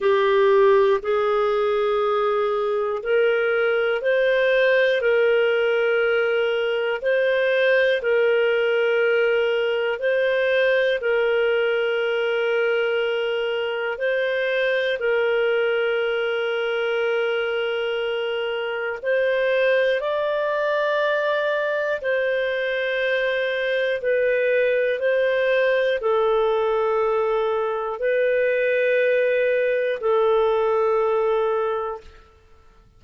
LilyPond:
\new Staff \with { instrumentName = "clarinet" } { \time 4/4 \tempo 4 = 60 g'4 gis'2 ais'4 | c''4 ais'2 c''4 | ais'2 c''4 ais'4~ | ais'2 c''4 ais'4~ |
ais'2. c''4 | d''2 c''2 | b'4 c''4 a'2 | b'2 a'2 | }